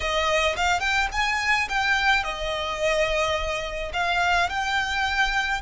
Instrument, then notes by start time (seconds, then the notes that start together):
violin
0.00 D#5
0.56 F5
0.80 G5
1.12 G#5
1.68 G5
2.23 D#5
3.93 F5
4.49 G5